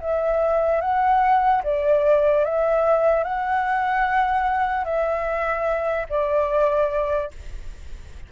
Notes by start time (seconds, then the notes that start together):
0.00 E5
0.81 F#5
1.63 D5
2.44 E5
3.24 F#5
4.84 E5
6.09 D5